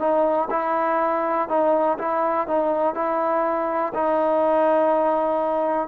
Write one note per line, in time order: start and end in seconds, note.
0.00 0.49 D#4
0.51 1.49 E4
1.49 1.99 D#4
1.99 2.48 E4
2.48 2.95 D#4
2.95 3.94 E4
3.95 5.89 D#4